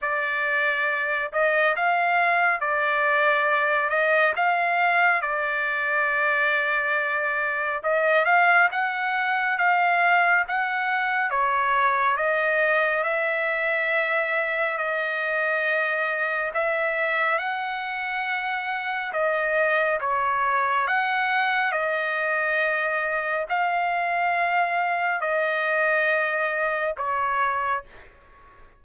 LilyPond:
\new Staff \with { instrumentName = "trumpet" } { \time 4/4 \tempo 4 = 69 d''4. dis''8 f''4 d''4~ | d''8 dis''8 f''4 d''2~ | d''4 dis''8 f''8 fis''4 f''4 | fis''4 cis''4 dis''4 e''4~ |
e''4 dis''2 e''4 | fis''2 dis''4 cis''4 | fis''4 dis''2 f''4~ | f''4 dis''2 cis''4 | }